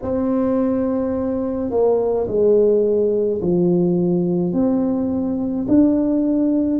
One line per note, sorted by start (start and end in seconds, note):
0.02 1.70 C4
1.70 2.26 A#3
2.27 3.40 G#3
3.41 4.52 F3
4.52 5.66 C4
5.68 6.79 D4